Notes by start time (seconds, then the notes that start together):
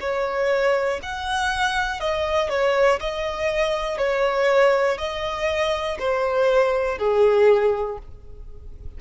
0.00 C#5
1.03 F#5
2.00 D#5
2.50 C#5
3.00 D#5
3.98 C#5
4.98 D#5
6.00 C5
6.99 G#4